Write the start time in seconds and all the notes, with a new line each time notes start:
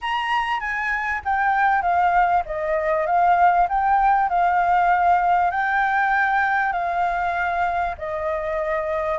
0.01 A#5
0.60 G#5
1.24 G5
1.82 F5
2.45 D#5
3.06 F5
3.68 G5
4.29 F5
5.50 G5
6.72 F5
7.98 D#5